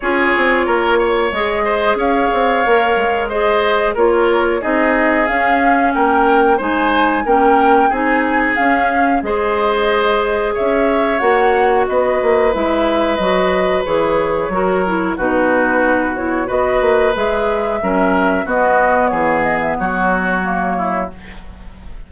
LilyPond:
<<
  \new Staff \with { instrumentName = "flute" } { \time 4/4 \tempo 4 = 91 cis''2 dis''4 f''4~ | f''4 dis''4 cis''4 dis''4 | f''4 g''4 gis''4 g''4 | gis''4 f''4 dis''2 |
e''4 fis''4 dis''4 e''4 | dis''4 cis''2 b'4~ | b'8 cis''8 dis''4 e''2 | dis''4 cis''8 dis''16 e''16 cis''2 | }
  \new Staff \with { instrumentName = "oboe" } { \time 4/4 gis'4 ais'8 cis''4 c''8 cis''4~ | cis''4 c''4 ais'4 gis'4~ | gis'4 ais'4 c''4 ais'4 | gis'2 c''2 |
cis''2 b'2~ | b'2 ais'4 fis'4~ | fis'4 b'2 ais'4 | fis'4 gis'4 fis'4. e'8 | }
  \new Staff \with { instrumentName = "clarinet" } { \time 4/4 f'2 gis'2 | ais'4 gis'4 f'4 dis'4 | cis'2 dis'4 cis'4 | dis'4 cis'4 gis'2~ |
gis'4 fis'2 e'4 | fis'4 gis'4 fis'8 e'8 dis'4~ | dis'8 e'8 fis'4 gis'4 cis'4 | b2. ais4 | }
  \new Staff \with { instrumentName = "bassoon" } { \time 4/4 cis'8 c'8 ais4 gis4 cis'8 c'8 | ais8 gis4. ais4 c'4 | cis'4 ais4 gis4 ais4 | c'4 cis'4 gis2 |
cis'4 ais4 b8 ais8 gis4 | fis4 e4 fis4 b,4~ | b,4 b8 ais8 gis4 fis4 | b4 e4 fis2 | }
>>